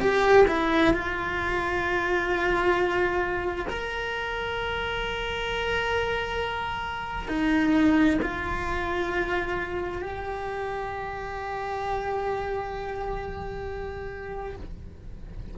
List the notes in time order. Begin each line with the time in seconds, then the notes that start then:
0.00 G4
0.48 E4
0.93 F4
3.69 A#4
7.29 D#4
8.22 F4
10.02 G4